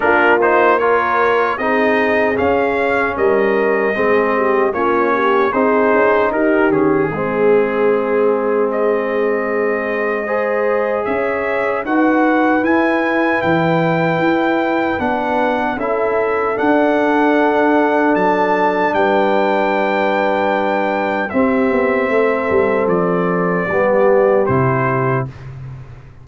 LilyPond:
<<
  \new Staff \with { instrumentName = "trumpet" } { \time 4/4 \tempo 4 = 76 ais'8 c''8 cis''4 dis''4 f''4 | dis''2 cis''4 c''4 | ais'8 gis'2~ gis'8 dis''4~ | dis''2 e''4 fis''4 |
gis''4 g''2 fis''4 | e''4 fis''2 a''4 | g''2. e''4~ | e''4 d''2 c''4 | }
  \new Staff \with { instrumentName = "horn" } { \time 4/4 f'4 ais'4 gis'2 | ais'4 gis'8 g'8 f'8 g'8 gis'4 | g'4 gis'2.~ | gis'4 c''4 cis''4 b'4~ |
b'1 | a'1 | b'2. g'4 | a'2 g'2 | }
  \new Staff \with { instrumentName = "trombone" } { \time 4/4 d'8 dis'8 f'4 dis'4 cis'4~ | cis'4 c'4 cis'4 dis'4~ | dis'8 cis'8 c'2.~ | c'4 gis'2 fis'4 |
e'2. d'4 | e'4 d'2.~ | d'2. c'4~ | c'2 b4 e'4 | }
  \new Staff \with { instrumentName = "tuba" } { \time 4/4 ais2 c'4 cis'4 | g4 gis4 ais4 c'8 cis'8 | dis'8 dis8 gis2.~ | gis2 cis'4 dis'4 |
e'4 e4 e'4 b4 | cis'4 d'2 fis4 | g2. c'8 b8 | a8 g8 f4 g4 c4 | }
>>